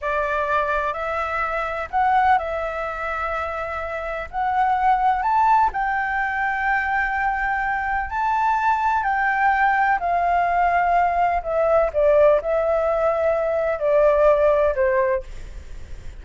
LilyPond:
\new Staff \with { instrumentName = "flute" } { \time 4/4 \tempo 4 = 126 d''2 e''2 | fis''4 e''2.~ | e''4 fis''2 a''4 | g''1~ |
g''4 a''2 g''4~ | g''4 f''2. | e''4 d''4 e''2~ | e''4 d''2 c''4 | }